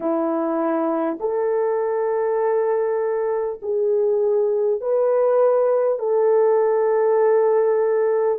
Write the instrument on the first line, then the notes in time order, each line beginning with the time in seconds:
horn
0.00 E4
1.20 A4
3.62 G#4
4.80 B4
5.98 A4